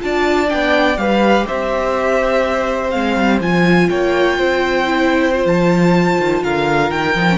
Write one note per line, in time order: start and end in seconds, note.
0.00 0.52 D4
0.00 0.48 F4
0.00 1.01 D5
0.00 0.50 A5
0.48 0.97 B3
0.48 0.96 D4
0.48 0.98 G5
0.97 1.46 G3
0.97 2.92 G4
0.97 1.46 B4
0.97 1.46 F5
1.46 2.95 C4
1.46 3.88 C5
1.46 2.91 E5
2.91 3.17 G#3
2.91 3.41 C4
2.91 3.39 F5
3.17 3.40 G3
3.40 3.89 F3
3.40 4.86 F4
3.40 3.90 G#5
3.90 4.39 A#3
3.90 4.38 C#5
3.90 5.47 G5
4.38 5.46 C4
4.38 6.43 C5
4.86 5.33 E4
5.33 7.15 F4
5.46 6.18 F3
5.46 6.44 A5
6.19 6.43 D#3
6.43 6.91 D3
6.43 7.39 A#4
6.43 6.91 F5
6.91 7.15 D#3
6.91 7.39 G5
7.15 7.39 F3
7.15 7.28 D#4
7.29 7.39 C#4